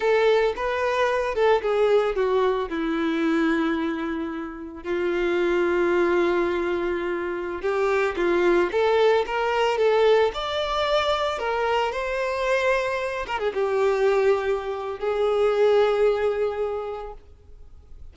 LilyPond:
\new Staff \with { instrumentName = "violin" } { \time 4/4 \tempo 4 = 112 a'4 b'4. a'8 gis'4 | fis'4 e'2.~ | e'4 f'2.~ | f'2~ f'16 g'4 f'8.~ |
f'16 a'4 ais'4 a'4 d''8.~ | d''4~ d''16 ais'4 c''4.~ c''16~ | c''8. ais'16 gis'16 g'2~ g'8. | gis'1 | }